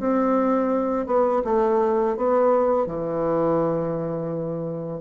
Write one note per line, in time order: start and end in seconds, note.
0.00 1.07 C4
1.07 1.43 B3
1.45 2.17 A3
2.17 2.87 B3
2.87 5.02 E3